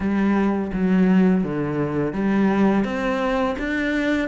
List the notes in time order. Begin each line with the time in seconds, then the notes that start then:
0.00 G3
0.73 F#3
1.43 D3
2.13 G3
2.84 C4
3.58 D4